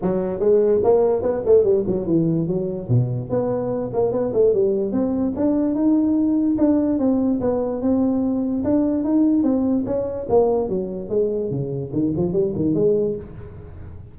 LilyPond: \new Staff \with { instrumentName = "tuba" } { \time 4/4 \tempo 4 = 146 fis4 gis4 ais4 b8 a8 | g8 fis8 e4 fis4 b,4 | b4. ais8 b8 a8 g4 | c'4 d'4 dis'2 |
d'4 c'4 b4 c'4~ | c'4 d'4 dis'4 c'4 | cis'4 ais4 fis4 gis4 | cis4 dis8 f8 g8 dis8 gis4 | }